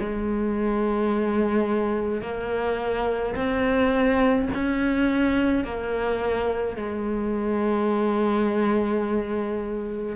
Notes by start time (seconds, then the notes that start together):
0.00 G#3
2.22 A#3
3.36 C4
4.54 C#4
5.65 A#3
6.77 G#3